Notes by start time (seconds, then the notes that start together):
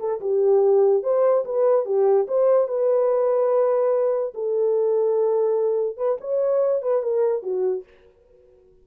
0.00 A4
0.21 G4
1.03 C5
1.45 B4
1.86 G4
2.28 C5
2.68 B4
4.34 A4
5.97 B4
6.21 C#5
6.82 B4
7.03 A#4
7.43 F#4